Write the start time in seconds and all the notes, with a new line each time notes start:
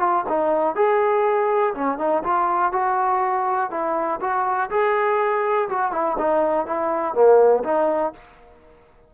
0.00 F4
0.29 D#4
0.76 G#4
1.75 C#4
1.99 D#4
2.24 F4
2.73 F#4
3.71 E4
4.21 F#4
4.71 G#4
5.69 F#4
5.92 E4
6.19 D#4
6.67 E4
7.15 A#3
7.65 D#4